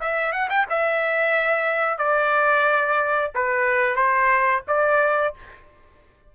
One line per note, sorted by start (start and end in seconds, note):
0.00 0.32 E5
0.32 0.48 F#5
0.49 0.66 G5
0.69 1.98 E5
1.98 3.31 D5
3.34 3.95 B4
3.95 4.62 C5
4.67 5.34 D5